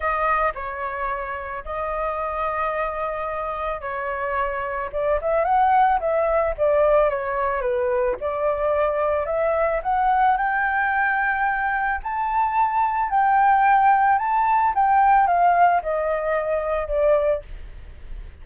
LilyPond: \new Staff \with { instrumentName = "flute" } { \time 4/4 \tempo 4 = 110 dis''4 cis''2 dis''4~ | dis''2. cis''4~ | cis''4 d''8 e''8 fis''4 e''4 | d''4 cis''4 b'4 d''4~ |
d''4 e''4 fis''4 g''4~ | g''2 a''2 | g''2 a''4 g''4 | f''4 dis''2 d''4 | }